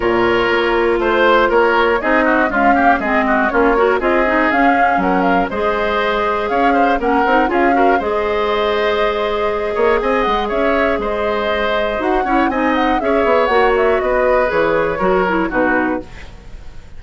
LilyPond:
<<
  \new Staff \with { instrumentName = "flute" } { \time 4/4 \tempo 4 = 120 cis''2 c''4 cis''4 | dis''4 f''4 dis''4 cis''4 | dis''4 f''4 fis''8 f''8 dis''4~ | dis''4 f''4 fis''4 f''4 |
dis''1 | gis''8 fis''8 e''4 dis''2 | fis''4 gis''8 fis''8 e''4 fis''8 e''8 | dis''4 cis''2 b'4 | }
  \new Staff \with { instrumentName = "oboe" } { \time 4/4 ais'2 c''4 ais'4 | gis'8 fis'8 f'8 g'8 gis'8 fis'8 f'8 ais'8 | gis'2 ais'4 c''4~ | c''4 cis''8 c''8 ais'4 gis'8 ais'8 |
c''2.~ c''8 cis''8 | dis''4 cis''4 c''2~ | c''8 cis''8 dis''4 cis''2 | b'2 ais'4 fis'4 | }
  \new Staff \with { instrumentName = "clarinet" } { \time 4/4 f'1 | dis'4 gis8 ais8 c'4 cis'8 fis'8 | f'8 dis'8 cis'2 gis'4~ | gis'2 cis'8 dis'8 f'8 fis'8 |
gis'1~ | gis'1 | fis'8 e'8 dis'4 gis'4 fis'4~ | fis'4 gis'4 fis'8 e'8 dis'4 | }
  \new Staff \with { instrumentName = "bassoon" } { \time 4/4 ais,4 ais4 a4 ais4 | c'4 cis'4 gis4 ais4 | c'4 cis'4 fis4 gis4~ | gis4 cis'4 ais8 c'8 cis'4 |
gis2.~ gis8 ais8 | c'8 gis8 cis'4 gis2 | dis'8 cis'8 c'4 cis'8 b8 ais4 | b4 e4 fis4 b,4 | }
>>